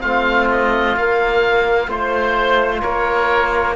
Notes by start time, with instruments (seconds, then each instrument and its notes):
0.00 cello A3, trombone C4, oboe F4 F5
0.51 oboe D#5
0.96 cello A#3, trombone A#3, oboe F5
1.87 cello A3, trombone F4, oboe C5
2.81 cello A#3, oboe A#4 C#5